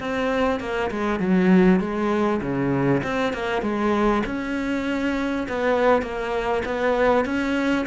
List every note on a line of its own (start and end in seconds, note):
0.00 0.60 C4
0.60 0.90 A#3
0.91 1.20 G#3
1.20 1.80 F#3
1.80 2.41 G#3
2.42 3.02 C#3
3.04 3.33 C4
3.33 3.62 A#3
3.62 4.23 G#3
4.26 5.47 C#4
5.48 6.02 B3
6.02 6.63 A#3
6.65 7.25 B3
7.25 7.86 C#4